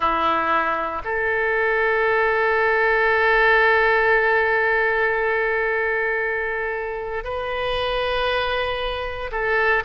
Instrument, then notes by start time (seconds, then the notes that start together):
oboe
0.00 E4
1.04 A4
7.24 B4
9.31 A4